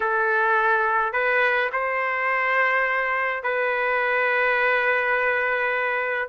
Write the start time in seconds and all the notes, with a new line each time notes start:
0.00 A4
1.12 B4
1.72 C5
3.43 B4